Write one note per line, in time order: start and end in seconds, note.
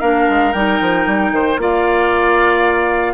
0.00 0.28 A#3
0.00 0.54 D4
0.00 1.32 A#4
0.00 0.53 F5
0.29 0.54 G#3
0.53 0.80 G3
0.53 1.58 D#4
0.53 1.58 G5
0.81 1.07 F3
1.07 1.31 G3
1.31 1.57 D#3
1.31 1.61 C5
1.57 3.14 A#3
1.57 3.14 F4
1.57 3.14 D5
1.57 3.14 F5